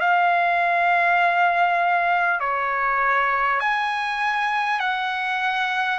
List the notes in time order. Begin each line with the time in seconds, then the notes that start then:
0.00 F5
2.40 C#5
3.60 G#5
4.80 F#5